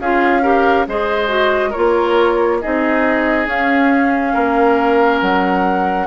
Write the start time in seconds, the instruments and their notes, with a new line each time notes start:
0.00 bassoon C#4, clarinet F4, oboe G#4, flute F5
0.43 clarinet G4, oboe A#4
0.87 bassoon G#3, clarinet G#4, oboe C5, flute D#5
1.28 clarinet F#4
1.70 clarinet F4, oboe A#4, flute C#5
1.77 bassoon A#3
2.61 bassoon C4, clarinet D#4, oboe G#4, flute D#5
3.47 bassoon C#4, clarinet C#4, flute F5
4.34 bassoon A#3, oboe A#4
5.22 bassoon F#3, flute F#5